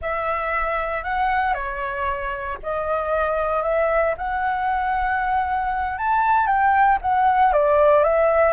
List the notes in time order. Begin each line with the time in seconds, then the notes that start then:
0.01 E5
1.03 F#5
1.54 C#5
2.62 D#5
3.63 E5
4.17 F#5
5.97 A5
6.46 G5
7.01 F#5
7.52 D5
8.03 E5